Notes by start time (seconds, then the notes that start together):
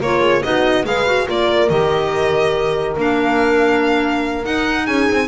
0.00 A#3 F4 A#4 C#5
0.21 G#4
0.42 B3 D#4 F#4 D#5
0.84 G#3 G#4 B4 F5
1.06 F#4
1.26 A#3 F4 A#4 D5
1.69 D#3 G4 D#5
2.97 A#3 D4 F5
4.43 D#4 F#5
4.85 C#4 G#4 G#5
5.10 C4